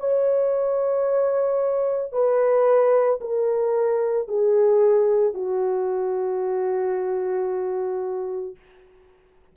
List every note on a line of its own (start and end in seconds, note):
0.00 2.12 C#5
2.12 3.19 B4
3.21 4.28 A#4
4.28 5.34 G#4
5.34 8.56 F#4